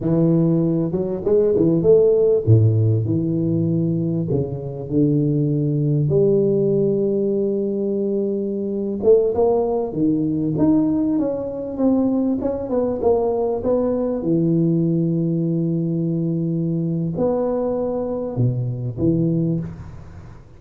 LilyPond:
\new Staff \with { instrumentName = "tuba" } { \time 4/4 \tempo 4 = 98 e4. fis8 gis8 e8 a4 | a,4 e2 cis4 | d2 g2~ | g2~ g8. a8 ais8.~ |
ais16 dis4 dis'4 cis'4 c'8.~ | c'16 cis'8 b8 ais4 b4 e8.~ | e1 | b2 b,4 e4 | }